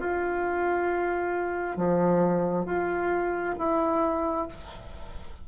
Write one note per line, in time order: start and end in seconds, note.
0.00 1.77 F4
1.77 2.66 F3
2.66 3.55 F4
3.59 4.48 E4